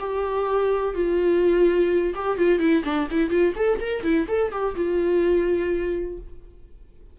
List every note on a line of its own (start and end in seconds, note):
0.00 0.95 G4
0.95 2.14 F4
2.15 2.38 G4
2.38 2.60 F4
2.60 2.84 E4
2.84 3.08 D4
3.11 3.30 E4
3.30 3.54 F4
3.56 3.80 A4
3.81 4.03 A#4
4.03 4.27 E4
4.28 4.52 A4
4.52 4.76 G4
4.76 6.19 F4